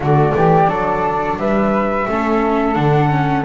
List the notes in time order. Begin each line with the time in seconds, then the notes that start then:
0.00 D3 A3 F#4 D5
0.34 E3 G4
0.67 F#3 D4 A4
1.37 G3 B4 E5
2.08 A3 C#4 A4
2.74 D3 D4 F#5
3.09 C#4